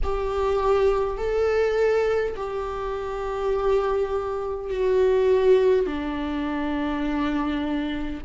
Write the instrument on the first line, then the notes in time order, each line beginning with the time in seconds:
viola
0.03 G4
1.17 A4
2.35 G4
4.70 F#4
5.86 D4